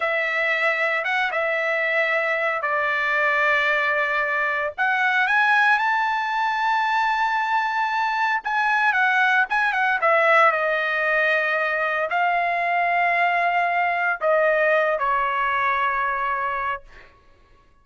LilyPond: \new Staff \with { instrumentName = "trumpet" } { \time 4/4 \tempo 4 = 114 e''2 fis''8 e''4.~ | e''4 d''2.~ | d''4 fis''4 gis''4 a''4~ | a''1 |
gis''4 fis''4 gis''8 fis''8 e''4 | dis''2. f''4~ | f''2. dis''4~ | dis''8 cis''2.~ cis''8 | }